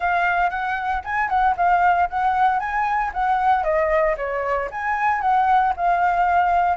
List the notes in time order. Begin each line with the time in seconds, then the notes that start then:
0.00 F5
0.50 F#5
1.04 G#5
1.29 F#5
1.57 F5
2.09 F#5
2.59 G#5
3.13 F#5
3.63 D#5
4.17 C#5
4.71 G#5
5.21 F#5
5.76 F5